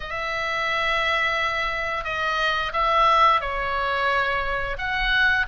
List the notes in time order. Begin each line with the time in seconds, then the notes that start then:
0.00 E5
2.04 D#5
2.72 E5
3.41 C#5
4.77 F#5